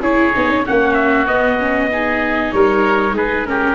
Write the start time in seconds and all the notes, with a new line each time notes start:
0.00 C#4 E4 G#4 C#5
0.33 B3 D#4
0.49 C#4
0.65 A#3 C#4 F#4 F#5
0.94 E5
1.26 B3 D#5
1.59 C#4
1.91 D#4 G#4
2.51 G3 A#4 C#5
3.12 G#3 G#4 B4
3.45 C#4 G4 A#4